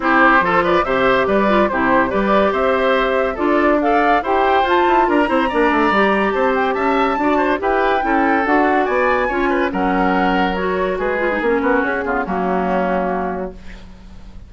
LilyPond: <<
  \new Staff \with { instrumentName = "flute" } { \time 4/4 \tempo 4 = 142 c''4. d''8 e''4 d''4 | c''4 d''4 e''2 | d''4 f''4 g''4 a''4 | ais''2. a''8 g''8 |
a''2 g''2 | fis''4 gis''2 fis''4~ | fis''4 cis''4 b'4 ais'4 | gis'4 fis'2. | }
  \new Staff \with { instrumentName = "oboe" } { \time 4/4 g'4 a'8 b'8 c''4 b'4 | g'4 b'4 c''2 | a'4 d''4 c''2 | ais'8 c''8 d''2 c''4 |
e''4 d''8 c''8 b'4 a'4~ | a'4 d''4 cis''8 b'8 ais'4~ | ais'2 gis'4. fis'8~ | fis'8 f'8 cis'2. | }
  \new Staff \with { instrumentName = "clarinet" } { \time 4/4 e'4 f'4 g'4. f'8 | e'4 g'2. | f'4 a'4 g'4 f'4~ | f'8 e'8 d'4 g'2~ |
g'4 fis'4 g'4 e'4 | fis'2 f'4 cis'4~ | cis'4 fis'4. f'16 dis'16 cis'4~ | cis'8 b8 ais2. | }
  \new Staff \with { instrumentName = "bassoon" } { \time 4/4 c'4 f4 c4 g4 | c4 g4 c'2 | d'2 e'4 f'8 e'8 | d'8 c'8 ais8 a8 g4 c'4 |
cis'4 d'4 e'4 cis'4 | d'4 b4 cis'4 fis4~ | fis2 gis4 ais8 b8 | cis'8 cis8 fis2. | }
>>